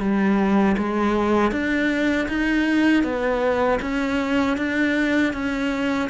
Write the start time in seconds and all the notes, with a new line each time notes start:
0.00 G3
0.78 G#3
1.52 D4
2.28 D#4
3.03 B3
3.81 C#4
4.57 D4
5.33 C#4